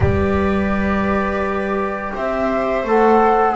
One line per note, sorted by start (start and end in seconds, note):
0.00 2.12 G3
0.00 2.85 G4
0.00 2.14 B4
0.00 2.13 D5
2.14 2.84 C4
2.14 3.56 C5
2.14 2.86 E5
2.84 3.55 A3
2.84 3.56 A4
2.84 3.56 F#5